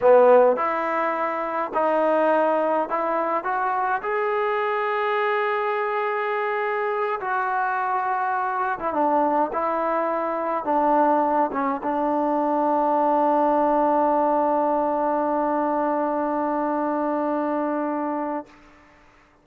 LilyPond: \new Staff \with { instrumentName = "trombone" } { \time 4/4 \tempo 4 = 104 b4 e'2 dis'4~ | dis'4 e'4 fis'4 gis'4~ | gis'1~ | gis'8 fis'2~ fis'8. e'16 d'8~ |
d'8 e'2 d'4. | cis'8 d'2.~ d'8~ | d'1~ | d'1 | }